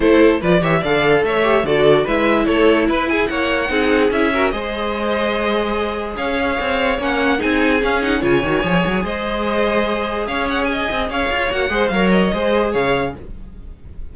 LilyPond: <<
  \new Staff \with { instrumentName = "violin" } { \time 4/4 \tempo 4 = 146 c''4 d''8 e''8 f''4 e''4 | d''4 e''4 cis''4 b'8 gis''8 | fis''2 e''4 dis''4~ | dis''2. f''4~ |
f''4 fis''4 gis''4 f''8 fis''8 | gis''2 dis''2~ | dis''4 f''8 fis''8 gis''4 f''4 | fis''4 f''8 dis''4. f''4 | }
  \new Staff \with { instrumentName = "violin" } { \time 4/4 a'4 b'8 cis''8 d''4 cis''4 | a'4 b'4 a'4 b'8 gis'8 | cis''4 gis'4. ais'8 c''4~ | c''2. cis''4~ |
cis''2 gis'2 | cis''2 c''2~ | c''4 cis''4 dis''4 cis''4~ | cis''8 c''8 cis''4 c''4 cis''4 | }
  \new Staff \with { instrumentName = "viola" } { \time 4/4 e'4 f'8 g'8 a'4. g'8 | fis'4 e'2.~ | e'4 dis'4 e'8 fis'8 gis'4~ | gis'1~ |
gis'4 cis'4 dis'4 cis'8 dis'8 | f'8 fis'8 gis'2.~ | gis'1 | fis'8 gis'8 ais'4 gis'2 | }
  \new Staff \with { instrumentName = "cello" } { \time 4/4 a4 f8 e8 d4 a4 | d4 gis4 a4 e'4 | ais4 c'4 cis'4 gis4~ | gis2. cis'4 |
c'4 ais4 c'4 cis'4 | cis8 dis8 f8 fis8 gis2~ | gis4 cis'4. c'8 cis'8 f'8 | ais8 gis8 fis4 gis4 cis4 | }
>>